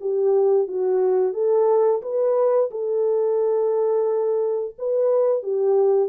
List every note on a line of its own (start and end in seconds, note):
0.00 0.67 G4
0.67 1.33 F#4
1.33 2.01 A4
2.01 2.70 B4
2.71 4.75 A4
4.78 5.43 B4
5.43 6.09 G4